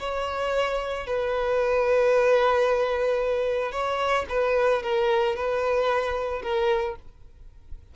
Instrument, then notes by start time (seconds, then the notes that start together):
violin
0.00 C#5
1.07 B4
3.72 C#5
4.30 B4
4.83 A#4
5.36 B4
6.43 A#4